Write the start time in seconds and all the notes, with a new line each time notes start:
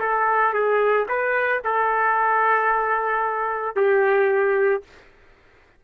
0.00 A4
0.54 G#4
1.09 B4
1.64 A4
3.76 G4